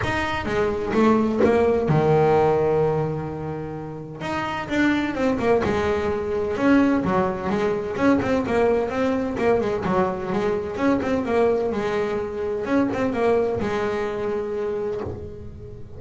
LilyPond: \new Staff \with { instrumentName = "double bass" } { \time 4/4 \tempo 4 = 128 dis'4 gis4 a4 ais4 | dis1~ | dis4 dis'4 d'4 c'8 ais8 | gis2 cis'4 fis4 |
gis4 cis'8 c'8 ais4 c'4 | ais8 gis8 fis4 gis4 cis'8 c'8 | ais4 gis2 cis'8 c'8 | ais4 gis2. | }